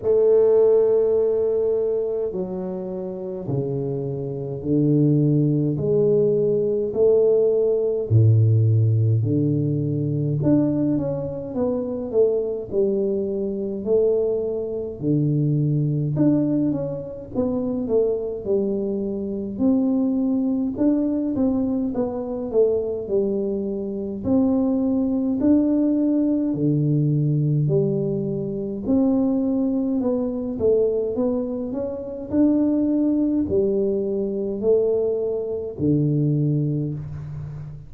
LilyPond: \new Staff \with { instrumentName = "tuba" } { \time 4/4 \tempo 4 = 52 a2 fis4 cis4 | d4 gis4 a4 a,4 | d4 d'8 cis'8 b8 a8 g4 | a4 d4 d'8 cis'8 b8 a8 |
g4 c'4 d'8 c'8 b8 a8 | g4 c'4 d'4 d4 | g4 c'4 b8 a8 b8 cis'8 | d'4 g4 a4 d4 | }